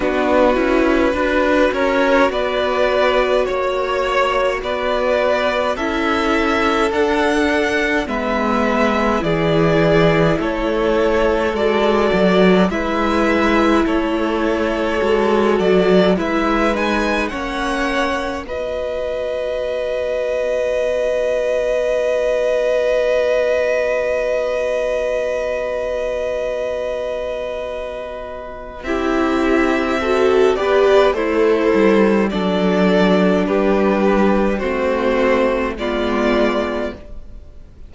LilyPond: <<
  \new Staff \with { instrumentName = "violin" } { \time 4/4 \tempo 4 = 52 b'4. cis''8 d''4 cis''4 | d''4 e''4 fis''4 e''4 | d''4 cis''4 d''4 e''4 | cis''4. d''8 e''8 gis''8 fis''4 |
dis''1~ | dis''1~ | dis''4 e''4. d''8 c''4 | d''4 b'4 c''4 d''4 | }
  \new Staff \with { instrumentName = "violin" } { \time 4/4 fis'4 b'8 ais'8 b'4 cis''4 | b'4 a'2 b'4 | gis'4 a'2 b'4 | a'2 b'4 cis''4 |
b'1~ | b'1~ | b'4 g'4 a'8 b'8 e'4 | a'4 g'4 fis'4 f'4 | }
  \new Staff \with { instrumentName = "viola" } { \time 4/4 d'8 e'8 fis'2.~ | fis'4 e'4 d'4 b4 | e'2 fis'4 e'4~ | e'4 fis'4 e'8 dis'8 cis'4 |
fis'1~ | fis'1~ | fis'4 e'4 fis'8 g'8 a'4 | d'2 c'4 b4 | }
  \new Staff \with { instrumentName = "cello" } { \time 4/4 b8 cis'8 d'8 cis'8 b4 ais4 | b4 cis'4 d'4 gis4 | e4 a4 gis8 fis8 gis4 | a4 gis8 fis8 gis4 ais4 |
b1~ | b1~ | b4 c'4. b8 a8 g8 | fis4 g4 a4 gis4 | }
>>